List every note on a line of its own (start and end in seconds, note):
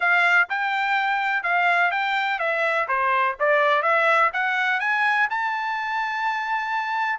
0.00 0.48 F5
0.49 1.43 G5
1.43 1.91 F5
1.91 2.39 G5
2.39 2.87 E5
2.88 3.36 C5
3.39 3.82 D5
3.82 4.30 E5
4.33 4.80 F#5
4.80 5.28 G#5
5.30 7.19 A5